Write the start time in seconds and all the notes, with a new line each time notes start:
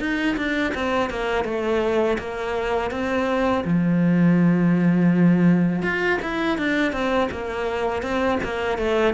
0.00 D#4
0.37 D4
0.75 C4
1.10 A#3
1.45 A3
2.19 A#3
2.91 C4
3.65 F3
5.83 F4
6.22 E4
6.58 D4
6.92 C4
7.31 A#3
8.03 C4
8.44 A#3
8.78 A3